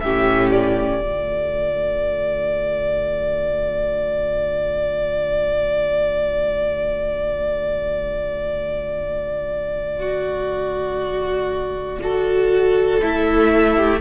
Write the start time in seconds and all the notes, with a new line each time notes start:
0.00 A2 C#4 G4 E5
0.51 D5
0.99 D3 A3 F4
9.99 F#4
12.00 F#4 A4
13.01 A3 E4 E5
13.76 G4